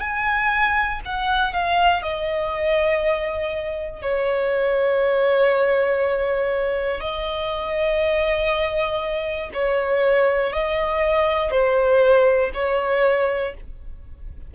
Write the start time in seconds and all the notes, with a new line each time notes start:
0.00 G#5
1.05 F#5
1.53 F5
2.02 D#5
4.02 C#5
7.00 D#5
9.53 C#5
10.52 D#5
11.51 C5
12.54 C#5